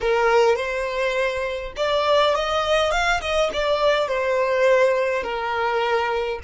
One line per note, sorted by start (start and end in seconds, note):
0.00 0.56 A#4
0.56 1.72 C5
1.76 2.34 D5
2.35 2.91 D#5
2.91 3.20 F5
3.20 3.50 D#5
3.53 4.08 D5
4.08 5.23 C5
5.23 6.39 A#4